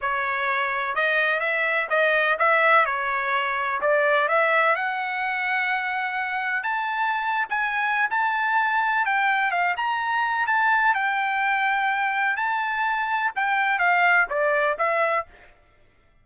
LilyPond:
\new Staff \with { instrumentName = "trumpet" } { \time 4/4 \tempo 4 = 126 cis''2 dis''4 e''4 | dis''4 e''4 cis''2 | d''4 e''4 fis''2~ | fis''2 a''4.~ a''16 gis''16~ |
gis''4 a''2 g''4 | f''8 ais''4. a''4 g''4~ | g''2 a''2 | g''4 f''4 d''4 e''4 | }